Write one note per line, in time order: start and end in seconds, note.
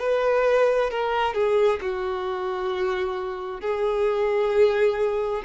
0.00 0.91 B4
0.91 1.35 A#4
1.35 1.80 G#4
1.82 3.61 F#4
3.61 5.43 G#4